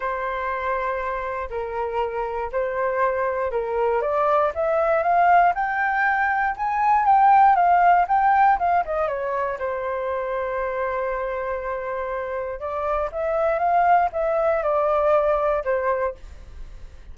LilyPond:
\new Staff \with { instrumentName = "flute" } { \time 4/4 \tempo 4 = 119 c''2. ais'4~ | ais'4 c''2 ais'4 | d''4 e''4 f''4 g''4~ | g''4 gis''4 g''4 f''4 |
g''4 f''8 dis''8 cis''4 c''4~ | c''1~ | c''4 d''4 e''4 f''4 | e''4 d''2 c''4 | }